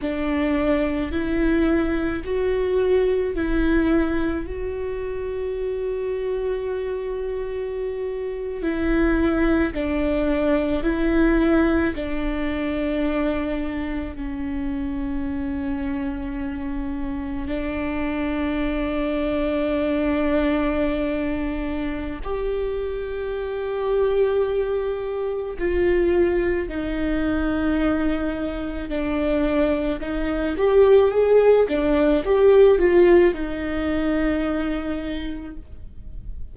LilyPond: \new Staff \with { instrumentName = "viola" } { \time 4/4 \tempo 4 = 54 d'4 e'4 fis'4 e'4 | fis'2.~ fis'8. e'16~ | e'8. d'4 e'4 d'4~ d'16~ | d'8. cis'2. d'16~ |
d'1 | g'2. f'4 | dis'2 d'4 dis'8 g'8 | gis'8 d'8 g'8 f'8 dis'2 | }